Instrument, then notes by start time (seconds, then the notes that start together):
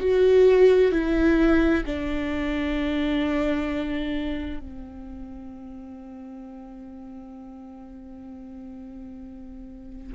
viola
0.00 F#4
0.91 E4
1.86 D4
4.59 C4